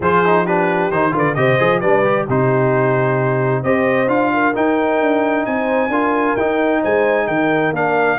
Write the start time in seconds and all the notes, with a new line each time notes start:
0.00 F3 F4 G#4 C5
0.25 D#4
0.44 D4 G4 B4
0.90 D#3 D#4 C5
1.11 D3 F4 B4
1.18 D5
1.34 C3 G4 C5 D#5
1.59 F3 G#4
1.80 G3 D4 B4 D5
2.04 G4
2.27 C3 D#4 G4 C5
3.62 C4 G4 C5 D#5
4.07 D4 F4 F5
4.33 A#4
4.54 D#4 G5
5.00 D4
5.45 C4 C5 G#5
5.88 D4 F4 A#4
6.36 D#4 G5
6.81 G#3 C5 G#5
7.27 D#3 A#4 G5
7.71 A#3 D4 F5